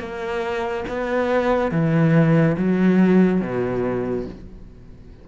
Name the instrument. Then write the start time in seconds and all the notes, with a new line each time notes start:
cello
0.00 A#3
0.89 B3
1.72 E3
2.58 F#3
3.41 B2